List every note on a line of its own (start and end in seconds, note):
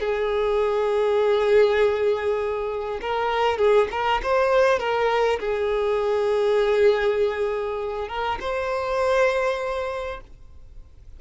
0.00 3.00 G#4
3.01 3.58 A#4
3.58 3.88 G#4
3.91 4.21 A#4
4.22 4.79 C5
4.79 5.39 A#4
5.39 8.08 G#4
8.08 8.38 A#4
8.40 10.20 C5